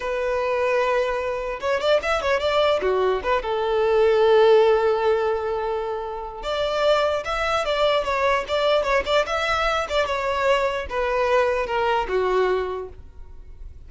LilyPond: \new Staff \with { instrumentName = "violin" } { \time 4/4 \tempo 4 = 149 b'1 | cis''8 d''8 e''8 cis''8 d''4 fis'4 | b'8 a'2.~ a'8~ | a'1 |
d''2 e''4 d''4 | cis''4 d''4 cis''8 d''8 e''4~ | e''8 d''8 cis''2 b'4~ | b'4 ais'4 fis'2 | }